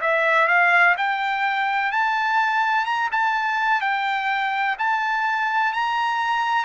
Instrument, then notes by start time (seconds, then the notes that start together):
trumpet
0.00 E5
0.48 F5
0.97 G5
1.91 A5
2.85 A#5
3.12 A5
3.81 G5
4.78 A5
5.73 A#5